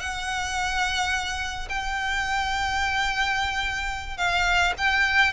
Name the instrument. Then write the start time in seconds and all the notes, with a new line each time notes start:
violin
0.00 F#5
1.69 G5
4.17 F5
4.78 G5